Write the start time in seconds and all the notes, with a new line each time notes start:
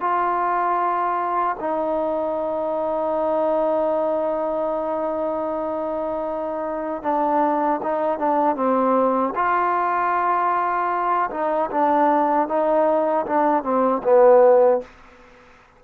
0.00 F4
1.59 D#4
7.02 D4
7.82 D#4
8.19 D4
8.55 C4
9.35 F4
11.31 D#4
11.71 D4
12.47 D#4
13.26 D4
13.63 C4
14.03 B3